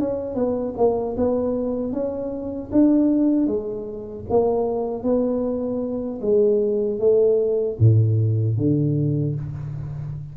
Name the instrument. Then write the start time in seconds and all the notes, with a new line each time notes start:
tuba
0.00 C#4
0.35 B3
0.78 A#3
1.17 B3
1.93 C#4
2.72 D4
3.47 G#3
4.30 A#3
5.04 B3
6.22 G#3
7.00 A3
7.80 A2
8.57 D3